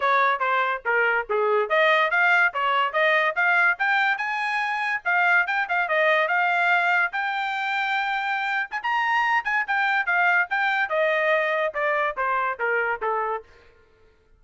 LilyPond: \new Staff \with { instrumentName = "trumpet" } { \time 4/4 \tempo 4 = 143 cis''4 c''4 ais'4 gis'4 | dis''4 f''4 cis''4 dis''4 | f''4 g''4 gis''2 | f''4 g''8 f''8 dis''4 f''4~ |
f''4 g''2.~ | g''8. gis''16 ais''4. gis''8 g''4 | f''4 g''4 dis''2 | d''4 c''4 ais'4 a'4 | }